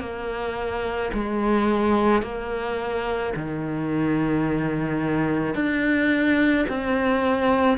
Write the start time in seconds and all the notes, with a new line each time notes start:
0.00 A#3
1.13 G#3
2.22 A#3
3.36 D#3
5.55 D4
6.69 C4